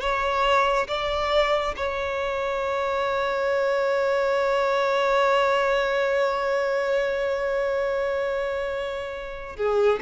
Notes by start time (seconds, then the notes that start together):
0.00 C#5
0.87 D5
1.76 C#5
9.56 G#4